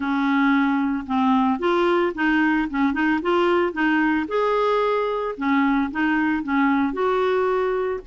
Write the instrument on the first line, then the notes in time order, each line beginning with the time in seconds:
clarinet
0.00 C#4
1.06 C4
1.59 F4
2.15 D#4
2.70 C#4
2.93 D#4
3.22 F4
3.72 D#4
4.28 G#4
5.37 C#4
5.91 D#4
6.43 C#4
6.93 F#4